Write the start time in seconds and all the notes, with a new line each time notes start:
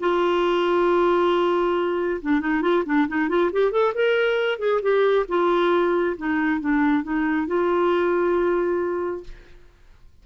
0.00 F4
2.22 D4
2.40 D#4
2.61 F4
2.86 D4
3.08 D#4
3.29 F4
3.52 G4
3.71 A4
3.94 A#4
4.59 G#4
4.82 G4
5.28 F4
6.17 D#4
6.60 D4
7.03 D#4
7.47 F4